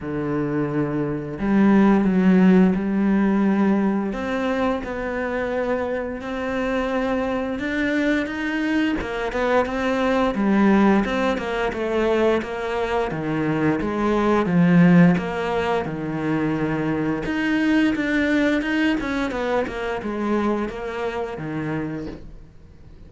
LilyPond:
\new Staff \with { instrumentName = "cello" } { \time 4/4 \tempo 4 = 87 d2 g4 fis4 | g2 c'4 b4~ | b4 c'2 d'4 | dis'4 ais8 b8 c'4 g4 |
c'8 ais8 a4 ais4 dis4 | gis4 f4 ais4 dis4~ | dis4 dis'4 d'4 dis'8 cis'8 | b8 ais8 gis4 ais4 dis4 | }